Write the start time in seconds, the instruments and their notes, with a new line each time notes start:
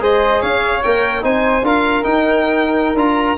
0.00 tuba G#3, trombone G#4, flute C5, violin D#5
0.41 tuba C#4, flute C#5, violin F5
0.83 tuba A#3, trombone A#4, violin G5
1.21 tuba C4, trombone D#4, flute C5, violin G#5
1.62 tuba D4, trombone F4, flute A#4, violin F5
2.03 trombone D#4, tuba D#4, violin G5
2.95 tuba D4, trombone F4, violin A#5